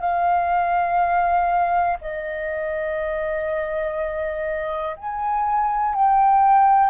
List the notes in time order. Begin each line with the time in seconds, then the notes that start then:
0.00 F5
2.01 D#5
4.96 G#5
5.94 G5